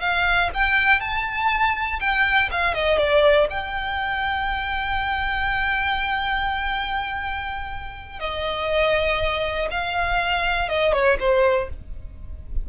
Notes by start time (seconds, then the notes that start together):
0.00 F5
0.54 G5
1.00 A5
2.00 G5
2.51 F5
2.74 D#5
2.98 D5
3.50 G5
8.19 D#5
9.71 F5
10.68 D#5
10.93 C#5
11.19 C5